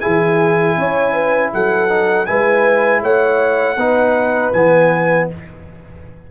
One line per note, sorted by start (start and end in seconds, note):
0.00 1.88 E4
0.00 0.76 G#4
0.00 1.50 G#5
0.06 0.77 E3
0.77 1.52 C#4
0.77 1.13 C#5
1.13 1.50 B4
1.53 2.28 F#3
1.53 2.28 A4
1.53 2.26 F#5
1.88 2.26 D#4
2.26 3.02 G#3
2.26 3.77 E4
2.26 3.02 B4
2.26 3.01 G#5
3.02 3.76 A3
3.02 3.77 C#5
3.02 4.53 F#5
3.76 4.51 B3
3.76 4.54 D#4
3.76 5.27 B4
4.53 5.28 E3
4.53 5.31 B3
4.53 5.28 G#5